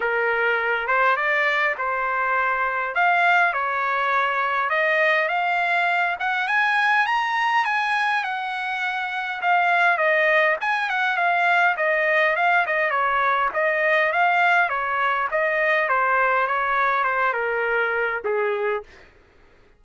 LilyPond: \new Staff \with { instrumentName = "trumpet" } { \time 4/4 \tempo 4 = 102 ais'4. c''8 d''4 c''4~ | c''4 f''4 cis''2 | dis''4 f''4. fis''8 gis''4 | ais''4 gis''4 fis''2 |
f''4 dis''4 gis''8 fis''8 f''4 | dis''4 f''8 dis''8 cis''4 dis''4 | f''4 cis''4 dis''4 c''4 | cis''4 c''8 ais'4. gis'4 | }